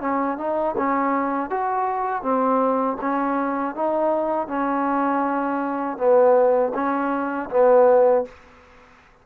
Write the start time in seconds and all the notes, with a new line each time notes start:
0.00 C#4
0.37 D#4
0.77 C#4
1.50 F#4
2.22 C4
3.01 C#4
3.75 D#4
4.47 C#4
5.97 B3
6.74 C#4
7.50 B3